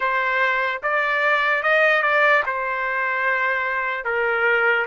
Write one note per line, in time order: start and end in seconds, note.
0.00 0.81 C5
0.83 1.62 D5
1.62 2.02 D#5
2.02 2.43 D5
2.45 4.05 C5
4.05 4.86 A#4